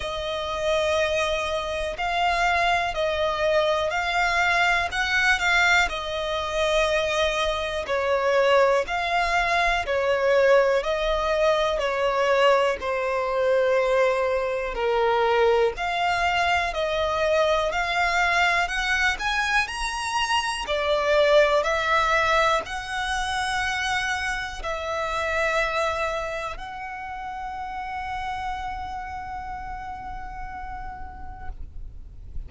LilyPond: \new Staff \with { instrumentName = "violin" } { \time 4/4 \tempo 4 = 61 dis''2 f''4 dis''4 | f''4 fis''8 f''8 dis''2 | cis''4 f''4 cis''4 dis''4 | cis''4 c''2 ais'4 |
f''4 dis''4 f''4 fis''8 gis''8 | ais''4 d''4 e''4 fis''4~ | fis''4 e''2 fis''4~ | fis''1 | }